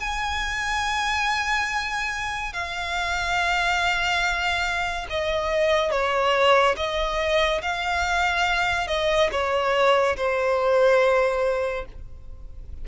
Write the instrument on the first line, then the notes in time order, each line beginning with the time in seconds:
violin
0.00 G#5
2.54 F5
5.10 D#5
5.91 C#5
6.77 D#5
7.62 F5
8.88 D#5
9.32 C#5
10.17 C5